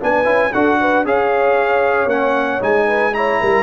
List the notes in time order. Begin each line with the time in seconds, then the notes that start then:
0.00 B3 D4 B4 G#5
0.24 C#4 E4
0.52 D4 F#4 A4 F#5
0.81 B4
1.05 C#4 G#4 C#5 F5
2.06 A#3 C#4 F#5
2.60 G#3 D#4 G#5
2.87 B4
3.14 E4 C#5 A#5
3.41 G3 A#4